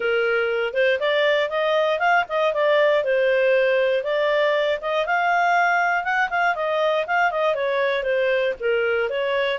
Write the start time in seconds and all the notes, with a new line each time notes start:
0.00 A#4
0.73 C5
0.99 D5
1.49 D#5
1.99 F5
2.28 D#5
2.53 D5
3.04 C5
4.03 D5
4.81 D#5
5.06 F5
6.04 F#5
6.30 F5
6.55 D#5
7.07 F5
7.31 D#5
7.54 C#5
8.03 C5
8.60 A#4
9.09 C#5